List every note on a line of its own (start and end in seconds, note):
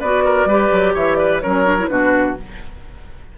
0.00 0.46 B3
0.00 0.50 F#4
0.00 0.23 B4
0.00 0.94 D5
0.25 0.48 A#4
0.46 0.69 G3
0.46 1.42 G4
0.46 0.94 B4
0.72 0.95 F#3
0.94 1.42 E3
0.94 1.17 C#5
0.94 1.15 E5
1.15 1.42 B4
1.15 1.39 D5
1.40 1.90 F#3
1.40 1.65 C#4
1.40 1.89 A#4
1.40 1.87 C#5
1.65 1.77 D4
1.78 1.89 E4
1.87 2.37 B2
1.87 2.36 D4
1.87 2.38 F#4
1.87 2.34 B4